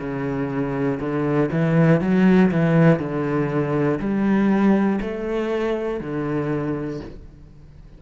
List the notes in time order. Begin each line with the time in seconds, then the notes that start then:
0.00 C#3
1.01 D3
1.52 E3
2.01 F#3
2.52 E3
3.00 D3
4.00 G3
5.01 A3
6.01 D3